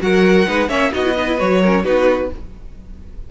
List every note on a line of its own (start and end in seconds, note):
0.00 0.47 F#3
0.00 0.46 F#4
0.00 0.48 A#4
0.00 0.69 F#5
0.47 0.69 G#3
0.47 0.68 D#4
0.47 0.68 B4
0.68 0.92 A#3
0.68 0.91 C#4
0.68 0.91 C#5
0.68 0.92 E5
0.92 1.41 B3
0.92 1.04 D#4
0.92 1.15 F#4
0.92 1.39 D#5
1.04 1.15 E4
1.16 1.27 D#4
1.16 1.61 B4
1.27 1.37 E4
1.37 1.84 F#3
1.37 1.60 F#4
1.37 1.85 C#5
1.61 1.84 C#4
1.61 1.84 A#4
1.84 2.30 B3
1.84 2.30 D#4
1.84 2.30 F#4
1.84 2.31 B4